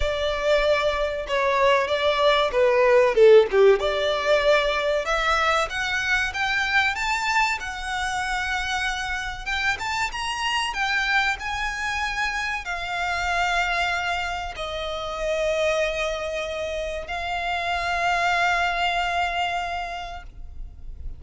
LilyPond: \new Staff \with { instrumentName = "violin" } { \time 4/4 \tempo 4 = 95 d''2 cis''4 d''4 | b'4 a'8 g'8 d''2 | e''4 fis''4 g''4 a''4 | fis''2. g''8 a''8 |
ais''4 g''4 gis''2 | f''2. dis''4~ | dis''2. f''4~ | f''1 | }